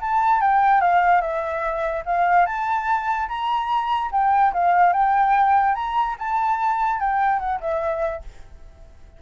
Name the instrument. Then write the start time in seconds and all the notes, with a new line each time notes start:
flute
0.00 A5
0.41 G5
0.81 F5
1.21 E5
2.05 F5
2.46 A5
3.28 A#5
4.12 G5
4.53 F5
4.92 G5
5.75 A#5
6.19 A5
7.00 G5
7.39 F#5
7.60 E5